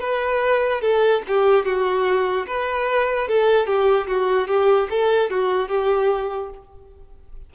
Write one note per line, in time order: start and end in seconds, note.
0.00 0.81 B4
0.81 1.22 A4
1.28 1.65 G4
1.65 2.46 F#4
2.47 3.28 B4
3.28 3.66 A4
3.66 4.07 G4
4.07 4.47 F#4
4.47 4.88 G4
4.90 5.30 A4
5.30 5.68 F#4
5.68 6.49 G4